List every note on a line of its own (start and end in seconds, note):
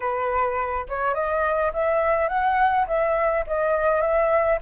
0.00 0.86 B4
0.88 1.14 C#5
1.14 1.72 D#5
1.73 2.28 E5
2.28 2.86 F#5
2.87 3.45 E5
3.46 4.01 D#5
4.01 4.58 E5